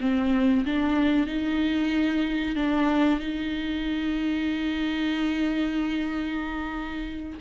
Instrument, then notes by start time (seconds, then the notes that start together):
viola
0.00 C4
0.65 D4
1.27 D#4
2.55 D4
3.20 D#4